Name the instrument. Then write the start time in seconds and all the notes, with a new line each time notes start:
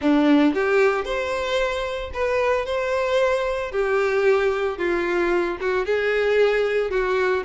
violin
0.01 D4
0.54 G4
1.04 C5
2.13 B4
2.65 C5
3.71 G4
4.78 F4
5.60 F#4
5.86 G#4
6.90 F#4